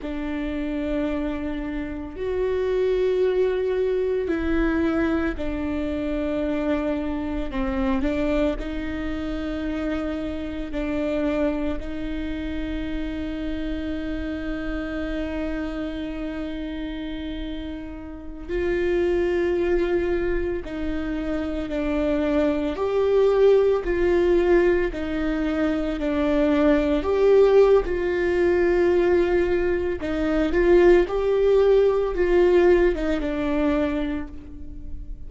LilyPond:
\new Staff \with { instrumentName = "viola" } { \time 4/4 \tempo 4 = 56 d'2 fis'2 | e'4 d'2 c'8 d'8 | dis'2 d'4 dis'4~ | dis'1~ |
dis'4~ dis'16 f'2 dis'8.~ | dis'16 d'4 g'4 f'4 dis'8.~ | dis'16 d'4 g'8. f'2 | dis'8 f'8 g'4 f'8. dis'16 d'4 | }